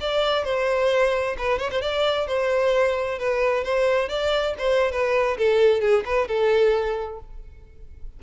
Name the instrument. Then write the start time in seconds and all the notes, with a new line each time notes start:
violin
0.00 D5
0.44 C5
1.38 B4
1.59 C#5
1.71 C5
1.81 D5
2.27 C5
3.19 B4
3.64 C5
4.08 D5
4.58 C5
4.91 B4
5.38 A4
5.80 G#4
6.05 B4
6.28 A4